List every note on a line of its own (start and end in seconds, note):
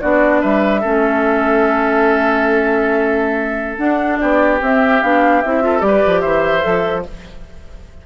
0.00 0.43 B3
0.00 0.82 D4
0.00 0.41 F#4
0.00 0.41 D5
0.41 0.84 G3
0.41 0.80 B4
0.41 3.77 E5
0.80 3.78 A3
0.80 3.78 C#4
0.80 4.17 A4
3.78 4.60 D4
3.78 4.19 D4
3.78 4.16 F#5
4.16 4.61 B3
4.16 5.63 G4
4.16 4.57 D5
4.61 5.02 C4
4.61 5.02 E5
5.02 5.43 B3
5.02 5.43 D4
5.02 5.41 F5
5.41 5.81 C4
5.41 5.61 E4
5.41 5.80 E5
5.61 5.80 F4
5.61 5.85 A4
5.80 6.01 G3
5.80 6.61 G4
5.80 6.20 D5
5.87 6.21 B4
6.06 6.23 F3
6.20 6.64 E3
6.20 7.02 C5
6.20 7.02 E5
6.61 7.06 F3
6.61 7.02 A4